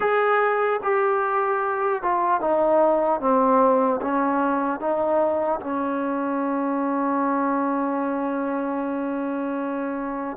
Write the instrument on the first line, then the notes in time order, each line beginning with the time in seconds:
trombone
0.00 G#4
0.83 G4
2.02 F4
2.40 D#4
3.20 C4
4.01 C#4
4.80 D#4
5.60 C#4